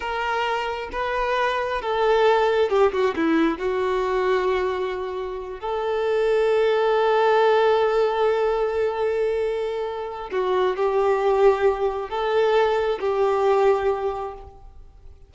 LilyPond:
\new Staff \with { instrumentName = "violin" } { \time 4/4 \tempo 4 = 134 ais'2 b'2 | a'2 g'8 fis'8 e'4 | fis'1~ | fis'8 a'2.~ a'8~ |
a'1~ | a'2. fis'4 | g'2. a'4~ | a'4 g'2. | }